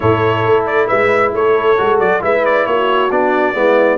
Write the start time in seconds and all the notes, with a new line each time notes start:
0.00 A2 E4 A4 C#5
0.45 A3
0.66 D5
0.87 G#3 B4 E5
1.33 A3 A4 C#5
1.77 G#3 F#4
1.99 F#3 D5
2.20 G#3 E4 B4 E5
2.45 D5
2.66 A#3 F#4 C#5
3.10 B3 D4 D5
3.54 G#3 B3 E4